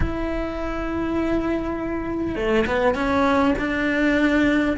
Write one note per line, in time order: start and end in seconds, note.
0.00 2.35 E4
2.35 2.65 A3
2.66 2.94 B3
2.94 3.54 C#4
3.58 4.77 D4